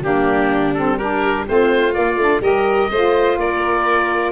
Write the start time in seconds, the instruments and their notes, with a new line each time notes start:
0.00 tuba G3, saxophone A#3, violin D4, oboe G4
0.74 saxophone C4, oboe A4
0.97 saxophone D4, violin G4, oboe A#4
1.46 tuba A3, saxophone C4, violin F4, oboe C5
1.93 saxophone A#3, tuba A#3, oboe D5
2.16 tuba A3, saxophone D4
2.40 tuba G3, saxophone G4, violin A#4, oboe D#5
2.91 tuba A3, saxophone F4, violin C5
3.37 tuba A#3, violin A#4, oboe D5